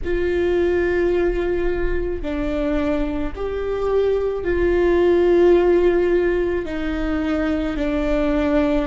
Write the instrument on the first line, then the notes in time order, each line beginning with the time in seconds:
viola
0.04 F4
2.22 D4
3.35 G4
4.43 F4
6.65 D#4
7.76 D4